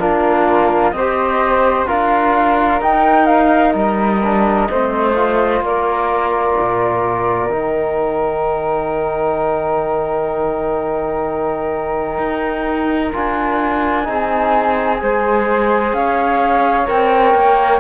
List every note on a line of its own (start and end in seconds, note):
0.00 0.93 A#3
0.00 0.94 D4
0.00 0.94 F4
0.00 0.91 A#4
0.91 1.87 C4
0.91 1.88 C5
0.91 1.85 D#5
0.99 1.87 G4
1.87 2.82 D4
1.87 2.81 F4
1.87 4.70 A#4
1.87 2.82 F5
2.82 3.75 D#4
2.82 4.22 D#4
2.82 3.26 G5
3.26 3.73 F5
3.75 4.69 G3
3.75 5.64 D#5
4.24 4.71 D4
4.71 5.61 A3
4.71 5.15 C4
4.71 5.64 C5
5.15 7.50 F4
5.61 6.55 A#3
5.61 14.09 A#4
5.61 7.52 D5
6.60 7.50 A#2
7.50 12.18 D#3
7.50 13.13 D#4
7.50 13.14 G5
12.18 13.12 D#4
13.13 14.09 D4
13.13 14.05 F4
13.13 15.94 G#5
14.05 15.02 C4
14.05 14.99 D#4
14.05 15.02 G#4
14.99 15.93 G#3
14.99 16.86 G#4
14.99 15.96 C5
15.93 16.87 C#4
15.93 17.80 C#5
15.93 16.88 F5
16.86 17.35 C4
16.86 17.80 A#4
16.86 17.80 G5
17.35 17.80 A#3